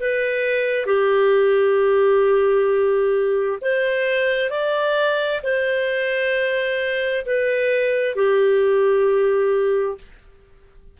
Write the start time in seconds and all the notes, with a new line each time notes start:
0.00 B4
0.86 G4
3.61 C5
4.50 D5
5.43 C5
7.26 B4
8.16 G4